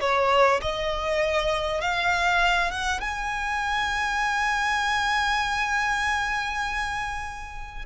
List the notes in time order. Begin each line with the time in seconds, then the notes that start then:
0.00 C#5
0.61 D#5
1.81 F5
2.71 F#5
3.01 G#5